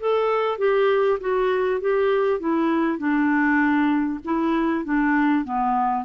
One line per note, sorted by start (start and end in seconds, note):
0.00 0.58 A4
0.58 1.19 G4
1.20 1.81 F#4
1.81 2.40 G4
2.40 2.98 E4
2.98 4.20 D4
4.25 4.85 E4
4.85 5.45 D4
5.45 6.05 B3